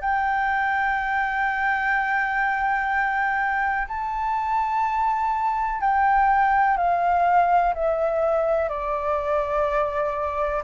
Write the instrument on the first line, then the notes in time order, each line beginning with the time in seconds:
flute
0.00 G5
3.88 A5
5.81 G5
6.77 F5
7.74 E5
8.69 D5